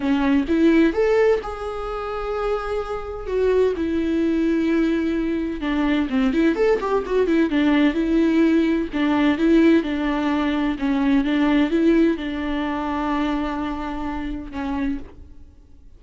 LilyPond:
\new Staff \with { instrumentName = "viola" } { \time 4/4 \tempo 4 = 128 cis'4 e'4 a'4 gis'4~ | gis'2. fis'4 | e'1 | d'4 c'8 e'8 a'8 g'8 fis'8 e'8 |
d'4 e'2 d'4 | e'4 d'2 cis'4 | d'4 e'4 d'2~ | d'2. cis'4 | }